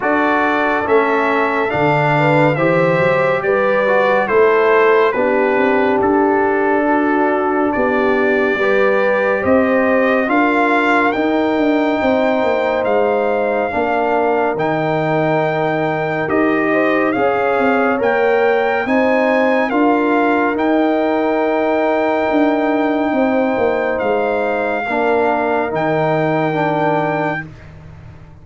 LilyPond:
<<
  \new Staff \with { instrumentName = "trumpet" } { \time 4/4 \tempo 4 = 70 d''4 e''4 f''4 e''4 | d''4 c''4 b'4 a'4~ | a'4 d''2 dis''4 | f''4 g''2 f''4~ |
f''4 g''2 dis''4 | f''4 g''4 gis''4 f''4 | g''1 | f''2 g''2 | }
  \new Staff \with { instrumentName = "horn" } { \time 4/4 a'2~ a'8 b'8 c''4 | b'4 a'4 g'2 | fis'4 g'4 b'4 c''4 | ais'2 c''2 |
ais'2.~ ais'8 c''8 | cis''2 c''4 ais'4~ | ais'2. c''4~ | c''4 ais'2. | }
  \new Staff \with { instrumentName = "trombone" } { \time 4/4 fis'4 cis'4 d'4 g'4~ | g'8 fis'8 e'4 d'2~ | d'2 g'2 | f'4 dis'2. |
d'4 dis'2 g'4 | gis'4 ais'4 dis'4 f'4 | dis'1~ | dis'4 d'4 dis'4 d'4 | }
  \new Staff \with { instrumentName = "tuba" } { \time 4/4 d'4 a4 d4 e8 fis8 | g4 a4 b8 c'8 d'4~ | d'4 b4 g4 c'4 | d'4 dis'8 d'8 c'8 ais8 gis4 |
ais4 dis2 dis'4 | cis'8 c'8 ais4 c'4 d'4 | dis'2 d'4 c'8 ais8 | gis4 ais4 dis2 | }
>>